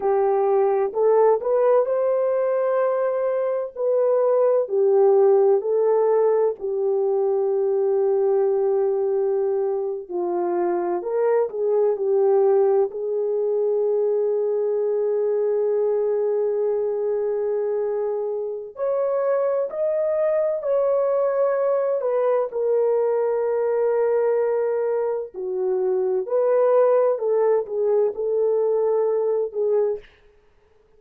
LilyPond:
\new Staff \with { instrumentName = "horn" } { \time 4/4 \tempo 4 = 64 g'4 a'8 b'8 c''2 | b'4 g'4 a'4 g'4~ | g'2~ g'8. f'4 ais'16~ | ais'16 gis'8 g'4 gis'2~ gis'16~ |
gis'1 | cis''4 dis''4 cis''4. b'8 | ais'2. fis'4 | b'4 a'8 gis'8 a'4. gis'8 | }